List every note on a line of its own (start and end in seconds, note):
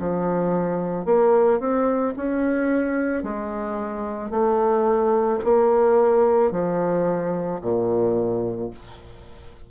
0.00 1.06 F3
1.06 1.60 A#3
1.60 2.15 C4
2.17 3.24 C#4
3.24 4.30 G#3
4.30 5.40 A3
5.44 6.52 A#3
6.52 7.61 F3
7.62 8.71 A#2